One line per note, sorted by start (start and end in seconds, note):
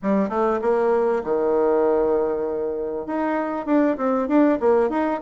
0.02 0.29 G3
0.29 0.60 A3
0.61 1.22 A#3
1.24 3.06 D#3
3.06 3.66 D#4
3.66 3.96 D4
3.97 4.27 C4
4.28 4.58 D4
4.59 4.89 A#3
4.89 5.20 D#4